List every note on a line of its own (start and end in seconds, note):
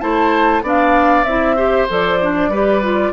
0.00 0.62 A3
0.00 0.63 E4
0.00 0.63 C5
0.00 0.62 A5
0.62 1.24 B3
0.62 1.25 D4
0.62 1.56 D5
0.62 1.24 F5
1.24 1.86 C4
1.24 1.56 E4
1.24 1.86 E5
1.56 1.88 G4
1.56 2.49 C5
1.89 2.48 F3
1.89 2.20 A4
1.89 3.13 D5
2.21 2.52 D4
2.48 3.10 G3
2.48 2.82 G4
2.48 3.12 B4
2.82 3.13 F4